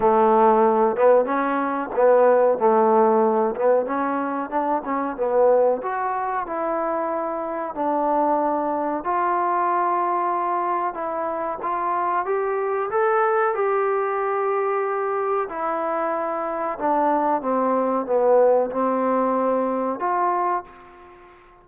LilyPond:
\new Staff \with { instrumentName = "trombone" } { \time 4/4 \tempo 4 = 93 a4. b8 cis'4 b4 | a4. b8 cis'4 d'8 cis'8 | b4 fis'4 e'2 | d'2 f'2~ |
f'4 e'4 f'4 g'4 | a'4 g'2. | e'2 d'4 c'4 | b4 c'2 f'4 | }